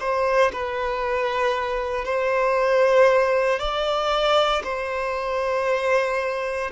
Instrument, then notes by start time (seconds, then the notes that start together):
violin
0.00 C5
0.52 B4
2.05 C5
3.59 D5
4.64 C5